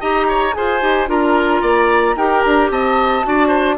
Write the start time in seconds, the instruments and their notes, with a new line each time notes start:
0.00 bassoon D#4, clarinet G4, oboe D#5, flute A#5
0.28 oboe C#5
0.53 bassoon F4, clarinet G#4, oboe C5, flute G#5
0.81 bassoon D#4, clarinet G4
1.07 bassoon D4, clarinet F4, oboe A#4, flute A#5
1.62 bassoon A#3, oboe D5
2.16 bassoon D#4, clarinet G4, oboe A#4, flute G5
2.42 bassoon D4, flute A#5
2.70 bassoon C4, oboe D#5, flute A5
3.23 bassoon D4, clarinet F#4, oboe D5
3.48 oboe C5